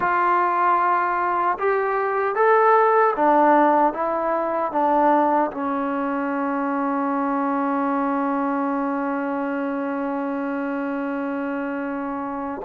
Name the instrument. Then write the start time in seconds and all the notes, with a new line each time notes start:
trombone
0.00 F4
1.58 G4
2.35 A4
3.16 D4
3.93 E4
4.72 D4
5.51 C#4